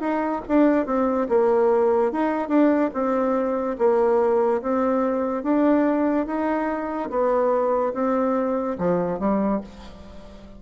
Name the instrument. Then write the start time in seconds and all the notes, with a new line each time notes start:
bassoon
0.00 D#4
0.48 D4
0.86 C4
1.28 A#3
2.12 D#4
2.48 D4
2.94 C4
3.78 A#3
4.62 C4
5.43 D4
6.26 D#4
7.10 B3
7.94 C4
8.78 F3
9.19 G3